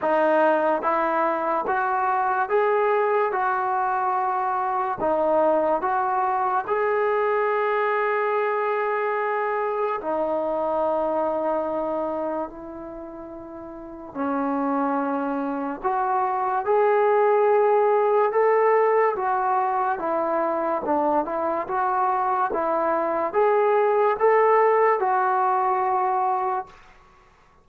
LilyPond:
\new Staff \with { instrumentName = "trombone" } { \time 4/4 \tempo 4 = 72 dis'4 e'4 fis'4 gis'4 | fis'2 dis'4 fis'4 | gis'1 | dis'2. e'4~ |
e'4 cis'2 fis'4 | gis'2 a'4 fis'4 | e'4 d'8 e'8 fis'4 e'4 | gis'4 a'4 fis'2 | }